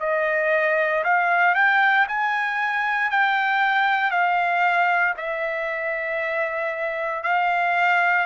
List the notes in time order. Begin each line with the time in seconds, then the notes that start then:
0.00 D#5
1.04 F5
1.55 G5
2.08 G#5
3.11 G5
4.11 F5
5.17 E5
7.23 F5